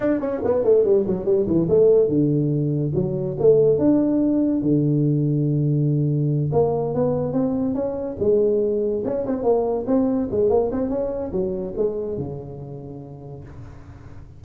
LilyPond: \new Staff \with { instrumentName = "tuba" } { \time 4/4 \tempo 4 = 143 d'8 cis'8 b8 a8 g8 fis8 g8 e8 | a4 d2 fis4 | a4 d'2 d4~ | d2.~ d8 ais8~ |
ais8 b4 c'4 cis'4 gis8~ | gis4. cis'8 c'8 ais4 c'8~ | c'8 gis8 ais8 c'8 cis'4 fis4 | gis4 cis2. | }